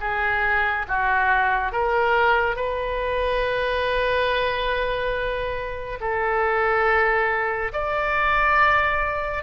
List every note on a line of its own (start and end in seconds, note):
0.00 0.86 G#4
0.88 1.72 F#4
1.72 2.56 A#4
2.56 5.98 B4
6.00 7.71 A4
7.72 9.43 D5